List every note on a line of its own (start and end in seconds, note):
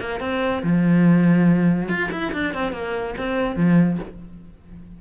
0.00 0.20 A#3
0.20 0.63 C4
0.63 1.89 F3
1.89 2.10 F4
2.12 2.33 E4
2.33 2.54 D4
2.54 2.73 C4
2.73 3.15 A#3
3.18 3.56 C4
3.56 3.98 F3